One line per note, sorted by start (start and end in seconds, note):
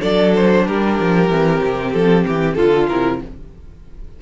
0.00 0.67 F#3
0.00 1.28 D4
0.00 0.65 A4
0.00 0.33 D5
0.36 0.67 C5
0.67 0.99 G3
0.67 2.56 G4
0.67 1.93 A#4
1.00 1.30 F3
1.30 1.62 E3
1.30 2.58 C4
1.63 1.94 C3
1.93 2.26 F3
1.93 2.25 A4
2.27 2.58 E3
2.27 2.55 G4
2.55 2.90 D3
2.55 3.20 F4
2.55 2.90 F4
2.55 2.87 A4
2.89 3.22 C3
2.89 3.22 E4
2.89 3.21 A#4